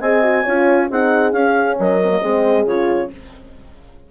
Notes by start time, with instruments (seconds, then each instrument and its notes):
0.00 bassoon C4, horn G#4 D#5, clarinet G#5
0.22 horn F#4
0.42 bassoon C#4, horn F4 C#5
0.90 bassoon C4, horn D#4 G#4, clarinet F#5
1.32 bassoon C#4, horn C#4, clarinet F5
1.79 bassoon F#3, horn A#4, clarinet D#5
2.03 horn C4
2.09 horn A#3
2.21 bassoon G#3, horn C4 G#4
2.65 bassoon C#3, horn F4, clarinet C#5